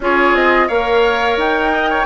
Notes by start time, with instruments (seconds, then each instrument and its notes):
0.00 bassoon C#4, clarinet F4, oboe G#4, flute C#5
0.33 bassoon C4, flute D#5
0.67 bassoon A#3, clarinet A#4, oboe C#5, flute F5
1.37 bassoon D#4, flute G5
1.73 oboe D#5
1.90 oboe C#5